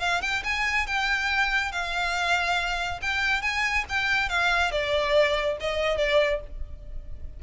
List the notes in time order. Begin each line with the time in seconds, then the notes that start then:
0.00 F5
0.21 G5
0.44 G#5
0.87 G5
1.72 F5
3.02 G5
3.42 G#5
3.89 G5
4.29 F5
4.72 D5
5.60 D#5
5.97 D5